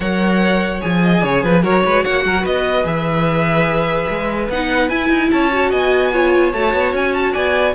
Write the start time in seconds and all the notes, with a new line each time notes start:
0.00 F#3 A#4 C#5 F#5
0.80 F3 G#4 G#5
1.02 D#5
1.23 C#3 C#5
1.43 F3 B4
1.62 F#3 F#4 A#4 C#5
1.85 G#3 B4
2.03 A#3 C#5 F#5
2.24 F#3 A#4
2.41 B3 B4 D#5
2.83 E3 G#4 E5
4.09 G#3
4.48 B3 D#4 F#5
4.89 E4 G#5
5.09 D#4
5.31 C#4 C#5 A5
5.52 F#4
5.70 B3 D#5 G#5
6.12 F4 C#5
6.52 A3 F#4 A5
6.73 B3
6.92 C#4 G#5
7.13 A5
7.33 B3 D5 G#5